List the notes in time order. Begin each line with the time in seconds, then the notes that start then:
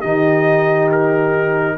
0.00 D#3 D#4 G4 D#5
0.92 A#4